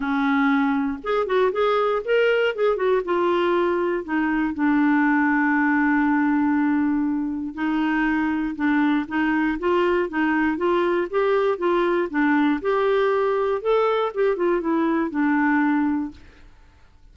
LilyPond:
\new Staff \with { instrumentName = "clarinet" } { \time 4/4 \tempo 4 = 119 cis'2 gis'8 fis'8 gis'4 | ais'4 gis'8 fis'8 f'2 | dis'4 d'2.~ | d'2. dis'4~ |
dis'4 d'4 dis'4 f'4 | dis'4 f'4 g'4 f'4 | d'4 g'2 a'4 | g'8 f'8 e'4 d'2 | }